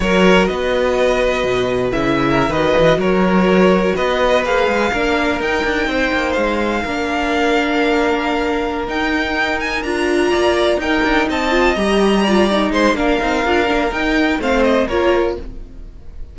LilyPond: <<
  \new Staff \with { instrumentName = "violin" } { \time 4/4 \tempo 4 = 125 cis''4 dis''2. | e''4~ e''16 dis''4 cis''4.~ cis''16~ | cis''16 dis''4 f''2 g''8.~ | g''4~ g''16 f''2~ f''8.~ |
f''2~ f''8 g''4. | gis''8 ais''2 g''4 a''8~ | a''8 ais''2 c'''8 f''4~ | f''4 g''4 f''8 dis''8 cis''4 | }
  \new Staff \with { instrumentName = "violin" } { \time 4/4 ais'4 b'2.~ | b'8. ais'8 b'4 ais'4.~ ais'16~ | ais'16 b'2 ais'4.~ ais'16~ | ais'16 c''2 ais'4.~ ais'16~ |
ais'1~ | ais'4. d''4 ais'4 dis''8~ | dis''4. d''4 c''8 ais'4~ | ais'2 c''4 ais'4 | }
  \new Staff \with { instrumentName = "viola" } { \time 4/4 fis'1 | e'4~ e'16 fis'2~ fis'8.~ | fis'4~ fis'16 gis'4 d'4 dis'8.~ | dis'2~ dis'16 d'4.~ d'16~ |
d'2~ d'8 dis'4.~ | dis'8 f'2 dis'4. | f'8 g'4 f'8 dis'4 d'8 dis'8 | f'8 d'8 dis'4 c'4 f'4 | }
  \new Staff \with { instrumentName = "cello" } { \time 4/4 fis4 b2 b,4 | cis4~ cis16 dis8 e8 fis4.~ fis16~ | fis16 b4 ais8 gis8 ais4 dis'8 d'16~ | d'16 c'8 ais8 gis4 ais4.~ ais16~ |
ais2~ ais8 dis'4.~ | dis'8 d'4 ais4 dis'8 d'8 c'8~ | c'8 g2 gis8 ais8 c'8 | d'8 ais8 dis'4 a4 ais4 | }
>>